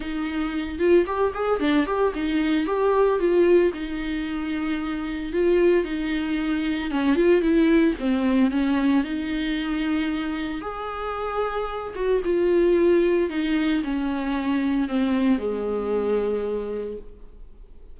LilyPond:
\new Staff \with { instrumentName = "viola" } { \time 4/4 \tempo 4 = 113 dis'4. f'8 g'8 gis'8 d'8 g'8 | dis'4 g'4 f'4 dis'4~ | dis'2 f'4 dis'4~ | dis'4 cis'8 f'8 e'4 c'4 |
cis'4 dis'2. | gis'2~ gis'8 fis'8 f'4~ | f'4 dis'4 cis'2 | c'4 gis2. | }